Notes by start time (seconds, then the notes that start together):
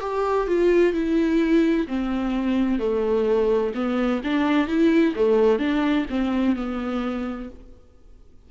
0.00 G4
0.47 F4
0.93 E4
1.87 C4
2.79 A3
3.74 B3
4.24 D4
4.67 E4
5.15 A3
5.59 D4
6.10 C4
6.55 B3